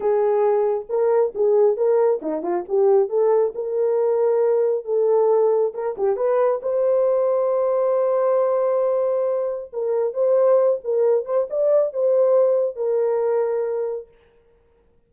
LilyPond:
\new Staff \with { instrumentName = "horn" } { \time 4/4 \tempo 4 = 136 gis'2 ais'4 gis'4 | ais'4 dis'8 f'8 g'4 a'4 | ais'2. a'4~ | a'4 ais'8 g'8 b'4 c''4~ |
c''1~ | c''2 ais'4 c''4~ | c''8 ais'4 c''8 d''4 c''4~ | c''4 ais'2. | }